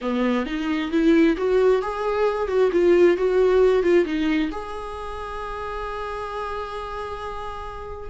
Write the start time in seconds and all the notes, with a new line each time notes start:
0.01 B3
0.46 D#4
0.91 E4
1.37 F#4
1.82 G#4
2.47 F#4
2.71 F4
3.17 F#4
3.82 F4
4.05 D#4
4.51 G#4